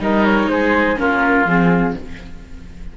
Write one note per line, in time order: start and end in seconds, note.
0.00 0.48 G3
0.00 0.96 D#4
0.00 0.51 A#4
0.00 0.25 D#5
0.25 0.49 C#5
0.48 0.97 G#3
0.48 1.00 G#4
0.48 0.98 C5
0.96 1.45 A#3
0.96 1.45 C#4
0.96 1.97 F4
0.96 1.47 A#4
1.45 1.94 F3
1.45 1.97 C4
1.45 1.97 G#4